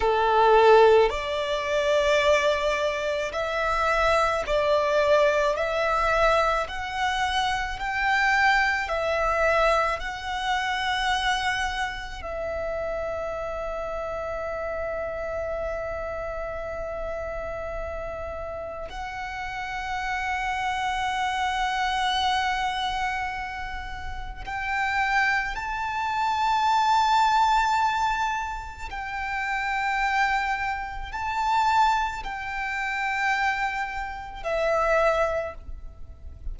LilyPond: \new Staff \with { instrumentName = "violin" } { \time 4/4 \tempo 4 = 54 a'4 d''2 e''4 | d''4 e''4 fis''4 g''4 | e''4 fis''2 e''4~ | e''1~ |
e''4 fis''2.~ | fis''2 g''4 a''4~ | a''2 g''2 | a''4 g''2 e''4 | }